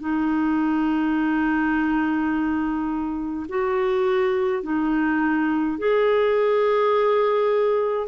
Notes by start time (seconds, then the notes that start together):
0.00 D#4
3.49 F#4
4.63 D#4
5.78 G#4